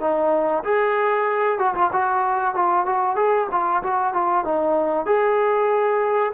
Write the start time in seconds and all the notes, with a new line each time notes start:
0.00 D#4
0.63 G#4
1.58 F#4
1.74 F4
1.92 F#4
2.54 F4
2.85 F#4
3.16 G#4
3.51 F4
3.82 F#4
4.13 F4
4.44 D#4
5.06 G#4